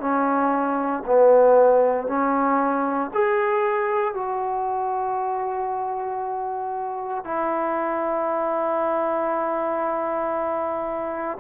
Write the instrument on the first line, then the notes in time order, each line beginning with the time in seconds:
trombone
0.00 C#4
1.06 B3
2.08 C#4
3.14 G#4
4.14 F#4
7.25 E4